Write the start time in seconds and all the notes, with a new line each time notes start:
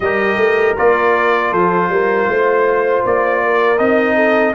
0.00 G3 G4 A#4 D#5
0.36 A3
0.76 A#3 F4 D5
1.50 F3 A4 C5
1.89 G3 A#4
2.27 A3 C5
3.05 A#3 D5
3.44 A#4
3.78 C4 D#4 D#5
4.15 A4